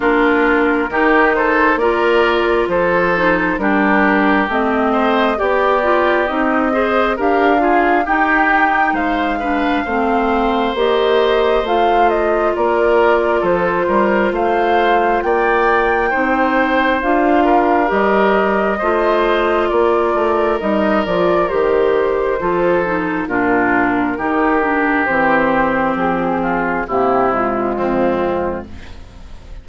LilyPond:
<<
  \new Staff \with { instrumentName = "flute" } { \time 4/4 \tempo 4 = 67 ais'4. c''8 d''4 c''4 | ais'4 dis''4 d''4 dis''4 | f''4 g''4 f''2 | dis''4 f''8 dis''8 d''4 c''4 |
f''4 g''2 f''4 | dis''2 d''4 dis''8 d''8 | c''2 ais'2 | c''4 gis'4 g'8 f'4. | }
  \new Staff \with { instrumentName = "oboe" } { \time 4/4 f'4 g'8 a'8 ais'4 a'4 | g'4. c''8 g'4. c''8 | ais'8 gis'8 g'4 c''8 b'8 c''4~ | c''2 ais'4 a'8 ais'8 |
c''4 d''4 c''4. ais'8~ | ais'4 c''4 ais'2~ | ais'4 a'4 f'4 g'4~ | g'4. f'8 e'4 c'4 | }
  \new Staff \with { instrumentName = "clarinet" } { \time 4/4 d'4 dis'4 f'4. dis'8 | d'4 c'4 g'8 f'8 dis'8 gis'8 | g'8 f'8 dis'4. d'8 c'4 | g'4 f'2.~ |
f'2 dis'4 f'4 | g'4 f'2 dis'8 f'8 | g'4 f'8 dis'8 d'4 dis'8 d'8 | c'2 ais8 gis4. | }
  \new Staff \with { instrumentName = "bassoon" } { \time 4/4 ais4 dis4 ais4 f4 | g4 a4 b4 c'4 | d'4 dis'4 gis4 a4 | ais4 a4 ais4 f8 g8 |
a4 ais4 c'4 d'4 | g4 a4 ais8 a8 g8 f8 | dis4 f4 ais,4 dis4 | e4 f4 c4 f,4 | }
>>